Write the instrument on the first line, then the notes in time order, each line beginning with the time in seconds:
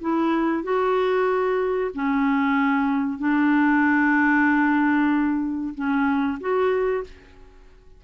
clarinet
0.00 E4
0.63 F#4
1.94 C#4
3.18 D4
5.74 C#4
6.40 F#4